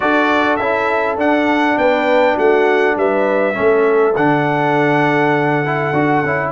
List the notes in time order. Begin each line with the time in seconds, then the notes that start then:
0.00 D4 F#4 A4 D5
0.56 C#4 E4 E5
1.17 D4 F#5
1.77 B3 B4 G5
2.35 A3 F#4 F#5
2.96 G3 B4 E5
3.53 A3 C#4 A4
4.15 D3 D4 F#5
5.65 E4
5.92 D4 F#4
6.23 C#4 E4